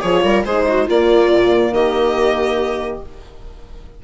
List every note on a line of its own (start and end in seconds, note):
0.00 0.24 F3
0.00 0.46 F4
0.00 0.23 G#4
0.00 0.43 C#5
0.24 0.45 G3
0.24 0.45 A#4
0.45 0.88 G#3
0.45 0.90 D#4
0.45 0.67 G#4
0.45 0.88 C5
0.69 0.86 F#4
0.86 1.32 A#3
0.86 3.04 A#3
0.86 1.72 F4
0.86 1.74 D5
1.33 1.72 A#2
1.72 3.00 D#3
1.72 3.03 G4
1.72 3.02 D#5